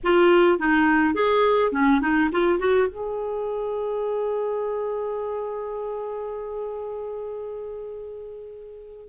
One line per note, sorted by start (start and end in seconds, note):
0.03 0.58 F4
0.58 1.14 D#4
1.14 1.72 G#4
1.72 2.01 C#4
2.01 2.29 D#4
2.32 2.59 F4
2.59 2.88 F#4
2.88 9.08 G#4